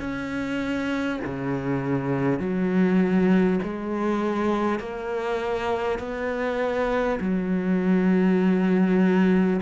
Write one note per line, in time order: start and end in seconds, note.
0.00 1.20 C#4
1.25 2.39 C#3
2.39 3.59 F#3
3.63 4.79 G#3
4.79 5.99 A#3
5.99 7.19 B3
7.21 9.61 F#3